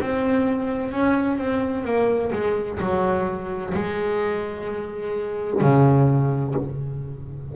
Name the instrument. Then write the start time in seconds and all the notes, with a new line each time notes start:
double bass
0.00 C4
0.92 C#4
1.38 C4
1.85 A#3
2.32 G#3
2.80 F#3
3.74 G#3
5.61 C#3